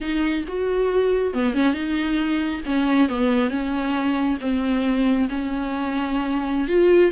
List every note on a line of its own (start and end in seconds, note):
0.01 0.44 D#4
0.48 1.33 F#4
1.33 1.54 B3
1.54 1.73 C#4
1.73 2.61 D#4
2.65 3.08 C#4
3.08 3.50 B3
3.50 4.37 C#4
4.40 5.28 C4
5.29 6.67 C#4
6.67 7.11 F4